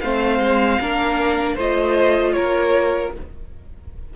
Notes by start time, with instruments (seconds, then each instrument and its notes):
0.00 cello A3, viola C4, violin C5 F5
0.39 cello G#3
0.80 cello A#3, viola D4, violin A#4
1.55 cello A3, viola F4, violin C5 D#5
2.32 cello A#3, violin A#4 C#5